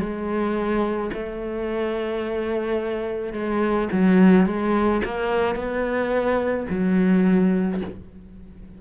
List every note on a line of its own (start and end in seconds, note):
0.00 1.11 G#3
1.14 3.33 A3
3.33 3.89 G#3
3.93 4.46 F#3
4.46 5.02 G#3
5.05 5.56 A#3
5.56 6.67 B3
6.70 7.81 F#3